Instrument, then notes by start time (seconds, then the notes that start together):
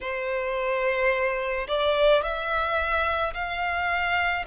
violin
0.00 C5
1.67 D5
2.22 E5
3.33 F5